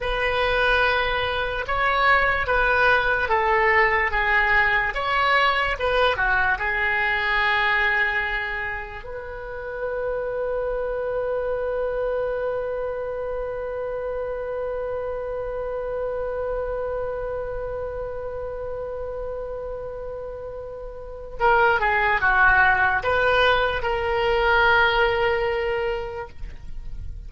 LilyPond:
\new Staff \with { instrumentName = "oboe" } { \time 4/4 \tempo 4 = 73 b'2 cis''4 b'4 | a'4 gis'4 cis''4 b'8 fis'8 | gis'2. b'4~ | b'1~ |
b'1~ | b'1~ | b'2 ais'8 gis'8 fis'4 | b'4 ais'2. | }